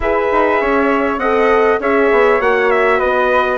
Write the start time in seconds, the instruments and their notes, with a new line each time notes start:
0.00 bassoon E4, horn G#4, flute B4, trumpet E5
0.31 bassoon D#4
0.61 bassoon C#4, flute C#5
1.17 bassoon C4, horn A4, flute D#5, trumpet F#5
1.80 bassoon C#4, horn G#4, flute C#5, trumpet E5
2.11 bassoon B3
2.39 bassoon A#3, horn F#4, trumpet F#5
2.71 trumpet E5
2.98 bassoon B3, flute B4, trumpet D#5